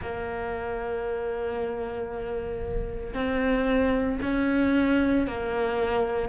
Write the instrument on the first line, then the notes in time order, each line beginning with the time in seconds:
cello
0.01 A#3
3.13 C4
4.22 C#4
5.27 A#3